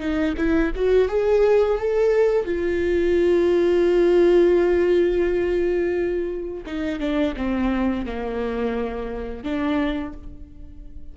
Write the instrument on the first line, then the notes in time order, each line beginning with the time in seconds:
viola
0.00 D#4
0.37 E4
0.75 F#4
1.09 G#4
1.79 A4
2.45 F4
6.66 D#4
7.00 D4
7.36 C4
8.06 A#3
9.44 D4